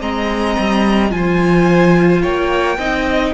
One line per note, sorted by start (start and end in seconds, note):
0.00 0.56 G#3
0.00 1.09 C4
0.00 1.11 D#5
0.00 1.11 A#5
0.58 1.11 G3
1.09 2.22 F3
1.09 2.76 F4
1.09 2.22 G#5
1.16 2.22 C5
2.22 2.77 A#3
2.22 2.77 C#5
2.22 3.34 G5
2.77 3.33 C4
2.77 3.34 D#4
2.77 3.34 D#5